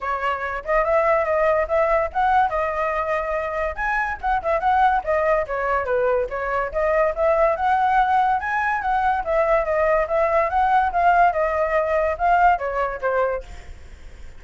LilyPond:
\new Staff \with { instrumentName = "flute" } { \time 4/4 \tempo 4 = 143 cis''4. dis''8 e''4 dis''4 | e''4 fis''4 dis''2~ | dis''4 gis''4 fis''8 e''8 fis''4 | dis''4 cis''4 b'4 cis''4 |
dis''4 e''4 fis''2 | gis''4 fis''4 e''4 dis''4 | e''4 fis''4 f''4 dis''4~ | dis''4 f''4 cis''4 c''4 | }